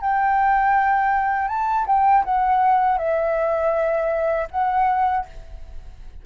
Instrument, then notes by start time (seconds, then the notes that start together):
flute
0.00 G5
1.48 A5
1.86 G5
2.24 F#5
2.98 E5
4.50 F#5